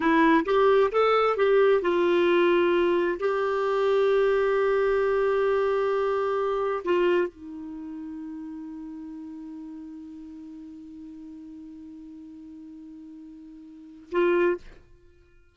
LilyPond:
\new Staff \with { instrumentName = "clarinet" } { \time 4/4 \tempo 4 = 132 e'4 g'4 a'4 g'4 | f'2. g'4~ | g'1~ | g'2. f'4 |
dis'1~ | dis'1~ | dis'1~ | dis'2. f'4 | }